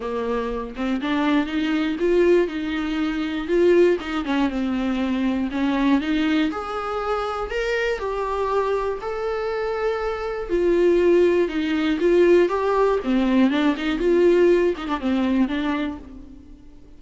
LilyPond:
\new Staff \with { instrumentName = "viola" } { \time 4/4 \tempo 4 = 120 ais4. c'8 d'4 dis'4 | f'4 dis'2 f'4 | dis'8 cis'8 c'2 cis'4 | dis'4 gis'2 ais'4 |
g'2 a'2~ | a'4 f'2 dis'4 | f'4 g'4 c'4 d'8 dis'8 | f'4. dis'16 d'16 c'4 d'4 | }